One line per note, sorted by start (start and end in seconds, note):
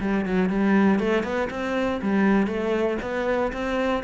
0.00 0.25 G3
0.25 0.49 F#3
0.49 0.99 G3
0.99 1.23 A3
1.23 1.49 B3
1.50 2.01 C4
2.02 2.47 G3
2.47 2.97 A3
3.02 3.52 B3
3.52 4.03 C4